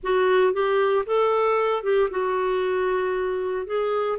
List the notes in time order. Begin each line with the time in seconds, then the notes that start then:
0.03 F#4
0.53 G4
1.06 A4
1.83 G4
2.10 F#4
3.66 G#4